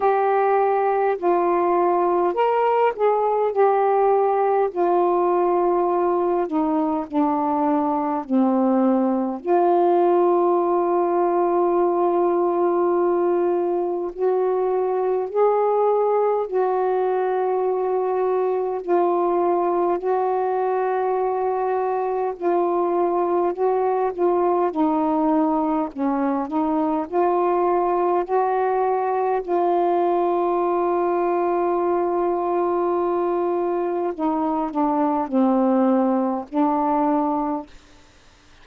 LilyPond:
\new Staff \with { instrumentName = "saxophone" } { \time 4/4 \tempo 4 = 51 g'4 f'4 ais'8 gis'8 g'4 | f'4. dis'8 d'4 c'4 | f'1 | fis'4 gis'4 fis'2 |
f'4 fis'2 f'4 | fis'8 f'8 dis'4 cis'8 dis'8 f'4 | fis'4 f'2.~ | f'4 dis'8 d'8 c'4 d'4 | }